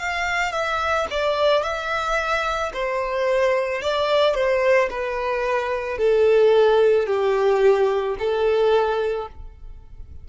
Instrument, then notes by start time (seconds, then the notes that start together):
violin
0.00 F5
0.53 E5
1.11 D5
1.63 E5
2.74 C5
3.82 D5
4.35 C5
4.90 B4
5.98 A4
7.07 G4
8.19 A4